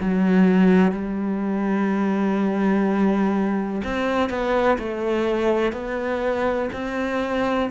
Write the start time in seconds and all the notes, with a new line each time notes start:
0.00 F#3
0.91 G3
3.84 C4
4.29 B3
4.78 A3
5.72 B3
6.73 C4